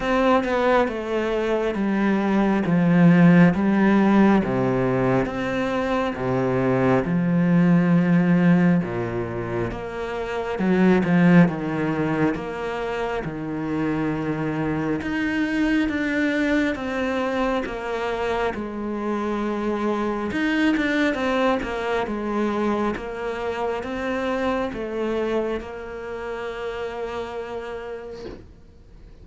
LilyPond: \new Staff \with { instrumentName = "cello" } { \time 4/4 \tempo 4 = 68 c'8 b8 a4 g4 f4 | g4 c4 c'4 c4 | f2 ais,4 ais4 | fis8 f8 dis4 ais4 dis4~ |
dis4 dis'4 d'4 c'4 | ais4 gis2 dis'8 d'8 | c'8 ais8 gis4 ais4 c'4 | a4 ais2. | }